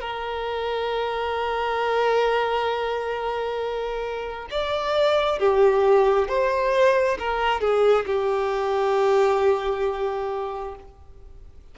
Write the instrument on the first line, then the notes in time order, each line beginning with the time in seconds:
violin
0.00 A#4
4.50 D5
5.39 G4
6.28 C5
7.18 A#4
7.60 G#4
8.06 G4